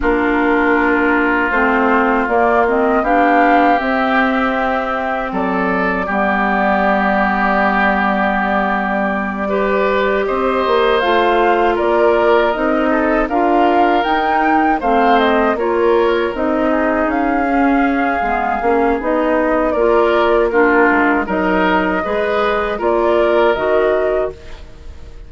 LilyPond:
<<
  \new Staff \with { instrumentName = "flute" } { \time 4/4 \tempo 4 = 79 ais'2 c''4 d''8 dis''8 | f''4 e''2 d''4~ | d''1~ | d''4. dis''4 f''4 d''8~ |
d''8 dis''4 f''4 g''4 f''8 | dis''8 cis''4 dis''4 f''4.~ | f''4 dis''4 d''4 ais'4 | dis''2 d''4 dis''4 | }
  \new Staff \with { instrumentName = "oboe" } { \time 4/4 f'1 | g'2. a'4 | g'1~ | g'8 b'4 c''2 ais'8~ |
ais'4 a'8 ais'2 c''8~ | c''8 ais'4. gis'2~ | gis'2 ais'4 f'4 | ais'4 b'4 ais'2 | }
  \new Staff \with { instrumentName = "clarinet" } { \time 4/4 d'2 c'4 ais8 c'8 | d'4 c'2. | b1~ | b8 g'2 f'4.~ |
f'8 dis'4 f'4 dis'4 c'8~ | c'8 f'4 dis'4. cis'4 | b8 cis'8 dis'4 f'4 d'4 | dis'4 gis'4 f'4 fis'4 | }
  \new Staff \with { instrumentName = "bassoon" } { \time 4/4 ais2 a4 ais4 | b4 c'2 fis4 | g1~ | g4. c'8 ais8 a4 ais8~ |
ais8 c'4 d'4 dis'4 a8~ | a8 ais4 c'4 cis'4. | gis8 ais8 b4 ais4. gis8 | fis4 gis4 ais4 dis4 | }
>>